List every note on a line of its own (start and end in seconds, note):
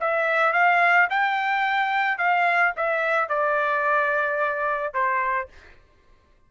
0.00 0.53 E5
0.53 1.08 F5
1.10 2.18 G5
2.18 2.73 F5
2.76 3.28 E5
3.28 4.93 D5
4.93 5.48 C5